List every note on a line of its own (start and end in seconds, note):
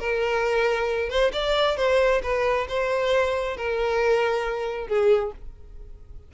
0.00 1.10 A#4
1.10 1.32 C5
1.33 1.77 D5
1.77 2.22 C5
2.23 2.67 B4
2.69 3.57 C5
3.57 4.88 A#4
4.88 5.32 G#4